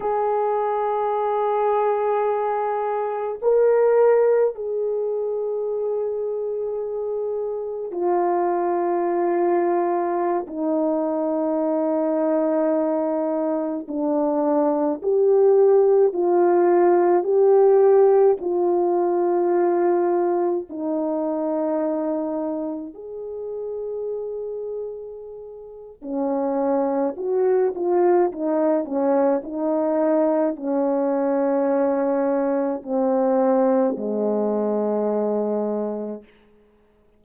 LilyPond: \new Staff \with { instrumentName = "horn" } { \time 4/4 \tempo 4 = 53 gis'2. ais'4 | gis'2. f'4~ | f'4~ f'16 dis'2~ dis'8.~ | dis'16 d'4 g'4 f'4 g'8.~ |
g'16 f'2 dis'4.~ dis'16~ | dis'16 gis'2~ gis'8. cis'4 | fis'8 f'8 dis'8 cis'8 dis'4 cis'4~ | cis'4 c'4 gis2 | }